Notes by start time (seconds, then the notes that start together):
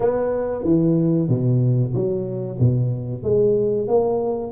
0.00 B3
0.63 E3
1.28 B2
1.94 F#3
2.59 B2
3.23 G#3
3.87 A#3